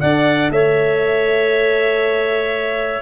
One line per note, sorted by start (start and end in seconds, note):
0.00 0.50 D4
0.00 3.02 A4
0.00 0.51 D5
0.00 0.51 F#5
0.50 3.02 A3
0.50 3.02 C#5
0.50 3.02 E5